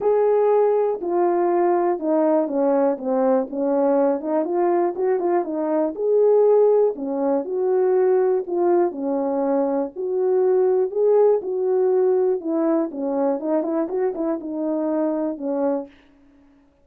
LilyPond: \new Staff \with { instrumentName = "horn" } { \time 4/4 \tempo 4 = 121 gis'2 f'2 | dis'4 cis'4 c'4 cis'4~ | cis'8 dis'8 f'4 fis'8 f'8 dis'4 | gis'2 cis'4 fis'4~ |
fis'4 f'4 cis'2 | fis'2 gis'4 fis'4~ | fis'4 e'4 cis'4 dis'8 e'8 | fis'8 e'8 dis'2 cis'4 | }